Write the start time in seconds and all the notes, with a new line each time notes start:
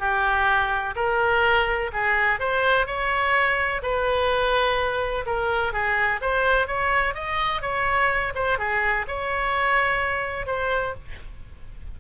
0.00 G4
0.96 A#4
1.93 G#4
2.40 C5
2.87 C#5
3.83 B4
5.26 A#4
5.73 G#4
6.22 C5
6.68 C#5
7.15 D#5
7.62 C#5
8.35 C5
8.59 G#4
9.08 C#5
10.47 C5